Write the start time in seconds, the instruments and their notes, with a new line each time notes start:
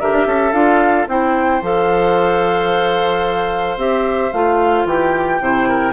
0.00 bassoon D3, clarinet G4, oboe A#4, flute E5
0.12 bassoon D4
0.26 bassoon C#4, oboe A4
0.53 bassoon D4, clarinet F4, flute F5
1.08 bassoon C4, clarinet E4, oboe C5, flute G5
1.62 bassoon F3, clarinet A4, flute F5
3.77 bassoon C4, clarinet G4, flute E5
4.32 bassoon A3, clarinet F4, flute F5
4.85 bassoon E3, oboe G4, flute G5
5.41 bassoon C3, clarinet E4, oboe C5
5.69 oboe A#4